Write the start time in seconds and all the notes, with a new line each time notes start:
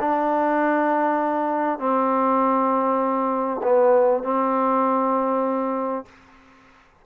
0.00 D4
1.79 C4
3.63 B3
4.23 C4